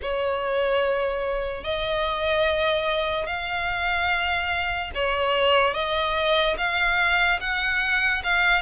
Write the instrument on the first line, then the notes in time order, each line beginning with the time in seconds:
violin
0.01 C#5
1.64 D#5
3.26 F5
4.95 C#5
5.73 D#5
6.57 F5
7.40 F#5
8.23 F5